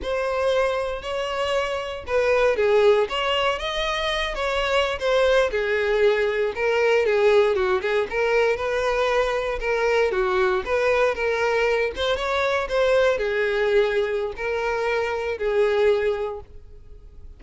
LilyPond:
\new Staff \with { instrumentName = "violin" } { \time 4/4 \tempo 4 = 117 c''2 cis''2 | b'4 gis'4 cis''4 dis''4~ | dis''8 cis''4~ cis''16 c''4 gis'4~ gis'16~ | gis'8. ais'4 gis'4 fis'8 gis'8 ais'16~ |
ais'8. b'2 ais'4 fis'16~ | fis'8. b'4 ais'4. c''8 cis''16~ | cis''8. c''4 gis'2~ gis'16 | ais'2 gis'2 | }